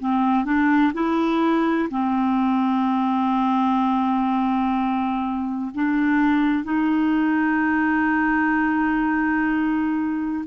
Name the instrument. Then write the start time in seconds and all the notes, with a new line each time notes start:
clarinet
0.00 C4
0.45 D4
0.94 E4
1.91 C4
5.75 D4
6.65 D#4